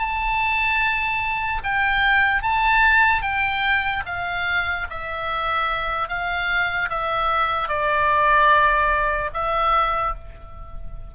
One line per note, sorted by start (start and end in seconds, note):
0.00 1.62 A5
1.64 2.43 G5
2.43 3.22 A5
3.22 4.04 G5
4.07 4.88 F5
4.91 6.09 E5
6.09 6.90 F5
6.90 7.69 E5
7.69 9.31 D5
9.34 10.15 E5